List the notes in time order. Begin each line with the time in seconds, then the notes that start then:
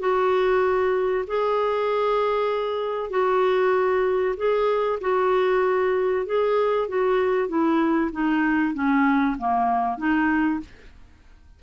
0.00 F#4
1.28 G#4
3.10 F#4
4.37 G#4
5.01 F#4
6.26 G#4
6.89 F#4
7.49 E4
8.12 D#4
8.74 C#4
9.38 A#3
9.97 D#4